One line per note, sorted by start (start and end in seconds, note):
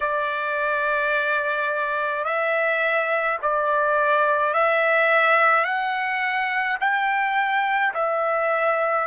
0.00 2.24 D5
2.24 3.37 E5
3.42 4.53 D5
4.53 5.64 E5
5.64 6.77 F#5
6.80 7.93 G5
7.93 9.07 E5